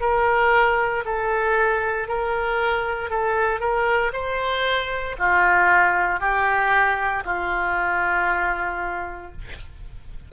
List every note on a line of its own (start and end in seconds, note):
0.00 1.03 A#4
1.05 2.08 A4
2.08 3.10 A#4
3.10 3.60 A4
3.60 4.11 A#4
4.12 5.16 C5
5.18 6.20 F4
6.20 7.23 G4
7.25 9.32 F4